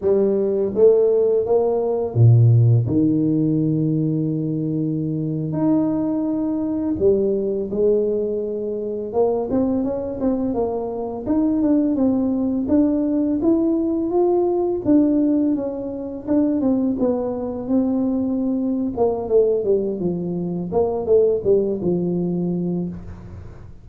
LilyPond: \new Staff \with { instrumentName = "tuba" } { \time 4/4 \tempo 4 = 84 g4 a4 ais4 ais,4 | dis2.~ dis8. dis'16~ | dis'4.~ dis'16 g4 gis4~ gis16~ | gis8. ais8 c'8 cis'8 c'8 ais4 dis'16~ |
dis'16 d'8 c'4 d'4 e'4 f'16~ | f'8. d'4 cis'4 d'8 c'8 b16~ | b8. c'4.~ c'16 ais8 a8 g8 | f4 ais8 a8 g8 f4. | }